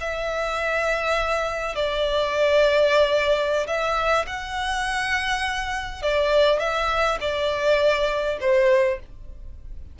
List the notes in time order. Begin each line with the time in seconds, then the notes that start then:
0.00 E5
1.75 D5
3.67 E5
4.26 F#5
6.02 D5
6.59 E5
7.20 D5
8.40 C5